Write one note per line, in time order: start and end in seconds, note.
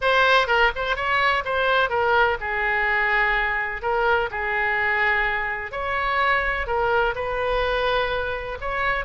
0.01 0.47 C5
0.47 0.71 A#4
0.75 0.96 C5
0.96 1.43 C#5
1.44 1.89 C5
1.89 2.37 A#4
2.40 3.82 G#4
3.82 4.29 A#4
4.30 5.71 G#4
5.71 6.66 C#5
6.67 7.14 A#4
7.15 8.58 B4
8.60 9.05 C#5